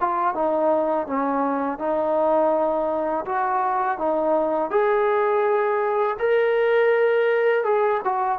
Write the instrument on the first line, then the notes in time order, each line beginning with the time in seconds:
trombone
0.00 F4
0.35 D#4
1.07 C#4
1.79 D#4
3.25 F#4
3.98 D#4
4.71 G#4
6.19 A#4
7.64 G#4
8.04 F#4